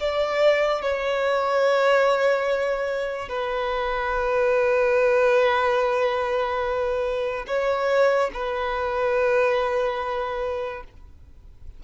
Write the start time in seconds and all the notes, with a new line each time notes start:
0.00 D5
0.82 C#5
3.29 B4
7.47 C#5
8.34 B4